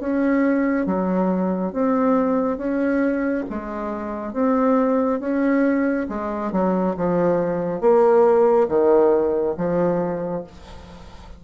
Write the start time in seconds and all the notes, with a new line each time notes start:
0.00 C#4
0.86 F#3
1.73 C4
2.58 C#4
3.50 G#3
4.33 C4
5.20 C#4
6.09 G#3
6.52 F#3
6.97 F3
7.81 A#3
8.69 D#3
9.57 F3